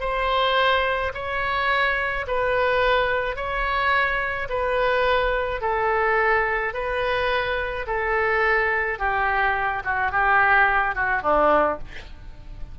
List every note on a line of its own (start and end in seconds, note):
0.00 1.12 C5
1.14 2.26 C#5
2.27 3.36 B4
3.36 4.48 C#5
4.49 5.61 B4
5.61 6.73 A4
6.74 7.86 B4
7.86 8.98 A4
8.98 9.83 G4
9.84 10.11 F#4
10.11 10.95 G4
10.95 11.22 F#4
11.22 11.78 D4